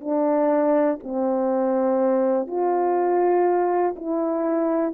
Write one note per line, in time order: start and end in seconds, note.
0.00 0.98 D4
1.03 2.47 C4
2.47 3.95 F4
3.96 4.93 E4